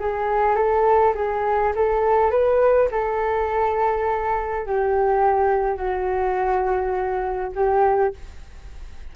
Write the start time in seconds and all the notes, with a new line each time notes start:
0.00 G#4
0.56 A4
1.15 G#4
1.76 A4
2.31 B4
2.92 A4
4.67 G4
5.77 F#4
7.56 G4